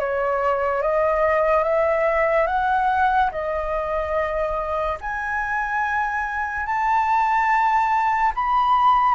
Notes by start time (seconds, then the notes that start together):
0.00 C#5
0.82 D#5
1.64 E5
2.47 F#5
3.32 D#5
5.01 G#5
6.66 A5
8.35 B5